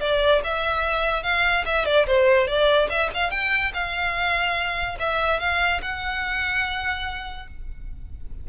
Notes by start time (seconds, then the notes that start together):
0.00 D5
0.43 E5
1.23 F5
1.65 E5
1.85 D5
2.07 C5
2.47 D5
2.89 E5
3.14 F5
3.30 G5
3.74 F5
4.99 E5
5.40 F5
5.82 F#5